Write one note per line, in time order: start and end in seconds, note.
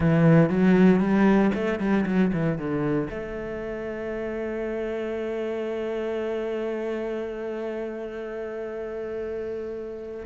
0.00 0.49 E3
0.49 1.00 F#3
1.00 1.51 G3
1.54 1.79 A3
1.79 2.05 G3
2.06 2.31 F#3
2.33 2.58 E3
2.58 3.09 D3
3.09 10.25 A3